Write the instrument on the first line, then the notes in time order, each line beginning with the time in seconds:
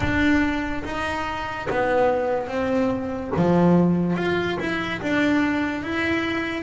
double bass
0.00 D4
0.84 D#4
1.70 B3
2.47 C4
3.36 F3
4.16 F4
4.59 E4
5.01 D4
5.83 E4